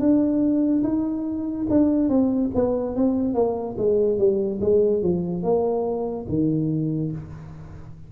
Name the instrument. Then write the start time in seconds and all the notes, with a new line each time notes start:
tuba
0.00 D4
0.84 D#4
1.70 D4
2.09 C4
2.55 B3
2.96 C4
3.34 A#3
3.78 G#3
4.19 G3
4.61 G#3
5.02 F3
5.43 A#3
6.29 D#3